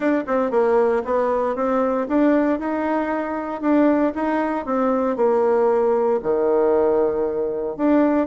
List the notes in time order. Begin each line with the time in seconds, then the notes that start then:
0.00 D4
0.27 C4
0.50 A#3
1.05 B3
1.55 C4
2.08 D4
2.59 D#4
3.61 D4
4.14 D#4
4.65 C4
5.16 A#3
6.22 D#3
7.76 D4